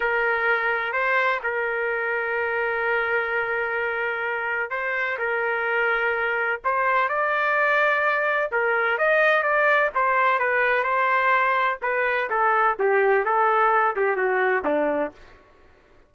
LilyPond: \new Staff \with { instrumentName = "trumpet" } { \time 4/4 \tempo 4 = 127 ais'2 c''4 ais'4~ | ais'1~ | ais'2 c''4 ais'4~ | ais'2 c''4 d''4~ |
d''2 ais'4 dis''4 | d''4 c''4 b'4 c''4~ | c''4 b'4 a'4 g'4 | a'4. g'8 fis'4 d'4 | }